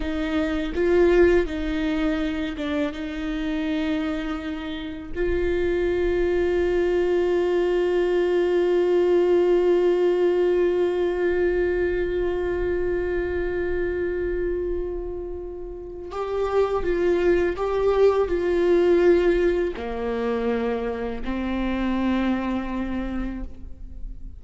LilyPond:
\new Staff \with { instrumentName = "viola" } { \time 4/4 \tempo 4 = 82 dis'4 f'4 dis'4. d'8 | dis'2. f'4~ | f'1~ | f'1~ |
f'1~ | f'2 g'4 f'4 | g'4 f'2 ais4~ | ais4 c'2. | }